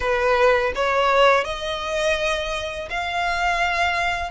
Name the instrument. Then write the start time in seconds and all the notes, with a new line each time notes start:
violin
0.00 B4
0.75 C#5
1.44 D#5
2.89 F5